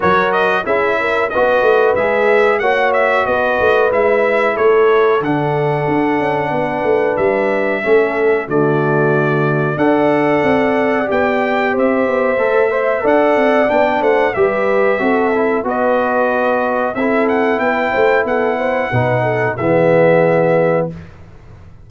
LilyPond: <<
  \new Staff \with { instrumentName = "trumpet" } { \time 4/4 \tempo 4 = 92 cis''8 dis''8 e''4 dis''4 e''4 | fis''8 e''8 dis''4 e''4 cis''4 | fis''2. e''4~ | e''4 d''2 fis''4~ |
fis''4 g''4 e''2 | fis''4 g''8 fis''8 e''2 | dis''2 e''8 fis''8 g''4 | fis''2 e''2 | }
  \new Staff \with { instrumentName = "horn" } { \time 4/4 ais'4 gis'8 ais'8 b'2 | cis''4 b'2 a'4~ | a'2 b'2 | a'4 fis'2 d''4~ |
d''2 c''4. e''8 | d''4. c''8 b'4 a'4 | b'2 a'4 b'8 c''8 | a'8 c''8 b'8 a'8 gis'2 | }
  \new Staff \with { instrumentName = "trombone" } { \time 4/4 fis'4 e'4 fis'4 gis'4 | fis'2 e'2 | d'1 | cis'4 a2 a'4~ |
a'4 g'2 a'8 c''8 | a'4 d'4 g'4 fis'8 e'8 | fis'2 e'2~ | e'4 dis'4 b2 | }
  \new Staff \with { instrumentName = "tuba" } { \time 4/4 fis4 cis'4 b8 a8 gis4 | ais4 b8 a8 gis4 a4 | d4 d'8 cis'8 b8 a8 g4 | a4 d2 d'4 |
c'4 b4 c'8 b8 a4 | d'8 c'8 b8 a8 g4 c'4 | b2 c'4 b8 a8 | b4 b,4 e2 | }
>>